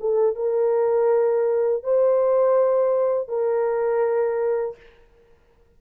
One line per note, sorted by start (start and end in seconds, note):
0.00 0.35 A4
0.35 1.83 A#4
1.83 3.28 C5
3.28 4.76 A#4